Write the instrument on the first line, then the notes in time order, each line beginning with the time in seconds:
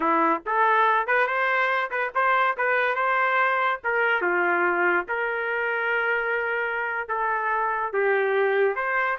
trumpet
0.00 E4
0.46 A4
1.06 B4
1.27 C5
1.90 B4
2.14 C5
2.57 B4
2.95 C5
3.84 A#4
4.21 F4
5.08 A#4
7.08 A4
7.92 G4
8.75 C5